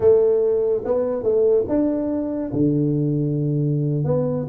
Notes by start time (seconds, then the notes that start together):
0.00 A3
0.84 B3
1.23 A3
1.68 D4
2.52 D3
4.04 B3